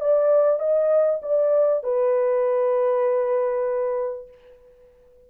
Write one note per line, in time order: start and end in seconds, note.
0.00 0.59 D5
0.59 1.21 D#5
1.22 1.83 D5
1.83 4.28 B4